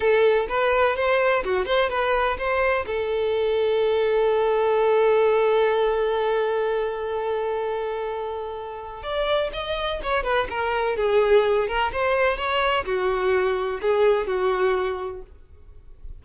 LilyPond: \new Staff \with { instrumentName = "violin" } { \time 4/4 \tempo 4 = 126 a'4 b'4 c''4 fis'8 c''8 | b'4 c''4 a'2~ | a'1~ | a'1~ |
a'2. d''4 | dis''4 cis''8 b'8 ais'4 gis'4~ | gis'8 ais'8 c''4 cis''4 fis'4~ | fis'4 gis'4 fis'2 | }